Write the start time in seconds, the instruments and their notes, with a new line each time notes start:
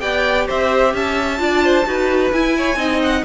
0.00 cello B3, viola G4, violin D5 G5
0.47 cello C4, violin C5 E5
0.93 cello C#4, violin E5 A5
1.37 cello D4, viola F4, violin D5
1.64 violin C5
1.86 cello D#4, viola F#4, violin B4
2.32 cello E4, viola E4, violin G#5
2.57 violin C#5
2.76 cello C4, viola D#4, violin D#5
3.02 violin F#5